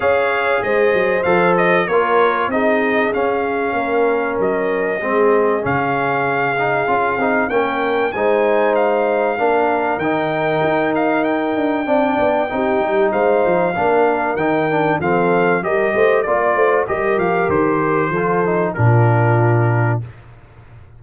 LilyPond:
<<
  \new Staff \with { instrumentName = "trumpet" } { \time 4/4 \tempo 4 = 96 f''4 dis''4 f''8 dis''8 cis''4 | dis''4 f''2 dis''4~ | dis''4 f''2. | g''4 gis''4 f''2 |
g''4. f''8 g''2~ | g''4 f''2 g''4 | f''4 dis''4 d''4 dis''8 f''8 | c''2 ais'2 | }
  \new Staff \with { instrumentName = "horn" } { \time 4/4 cis''4 c''2 ais'4 | gis'2 ais'2 | gis'1 | ais'4 c''2 ais'4~ |
ais'2. d''4 | g'4 c''4 ais'2 | a'4 ais'8 c''8 d''8 c''8 ais'4~ | ais'4 a'4 f'2 | }
  \new Staff \with { instrumentName = "trombone" } { \time 4/4 gis'2 a'4 f'4 | dis'4 cis'2. | c'4 cis'4. dis'8 f'8 dis'8 | cis'4 dis'2 d'4 |
dis'2. d'4 | dis'2 d'4 dis'8 d'8 | c'4 g'4 f'4 g'4~ | g'4 f'8 dis'8 d'2 | }
  \new Staff \with { instrumentName = "tuba" } { \time 4/4 cis'4 gis8 fis8 f4 ais4 | c'4 cis'4 ais4 fis4 | gis4 cis2 cis'8 c'8 | ais4 gis2 ais4 |
dis4 dis'4. d'8 c'8 b8 | c'8 g8 gis8 f8 ais4 dis4 | f4 g8 a8 ais8 a8 g8 f8 | dis4 f4 ais,2 | }
>>